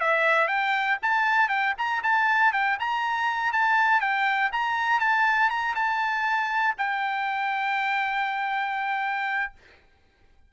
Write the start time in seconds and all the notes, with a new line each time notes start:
0.00 E5
0.48 G5
1.02 A5
1.49 G5
1.78 A#5
2.03 A5
2.53 G5
2.79 A#5
3.52 A5
4.01 G5
4.52 A#5
5.00 A5
5.50 A#5
5.75 A5
6.78 G5